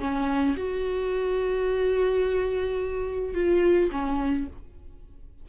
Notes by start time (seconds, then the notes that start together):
0.00 C#4
0.57 F#4
3.34 F4
3.92 C#4